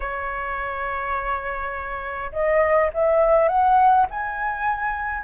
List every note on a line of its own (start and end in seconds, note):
0.00 2.31 C#5
2.32 2.90 D#5
2.93 3.48 E5
3.48 4.06 F#5
4.10 5.23 G#5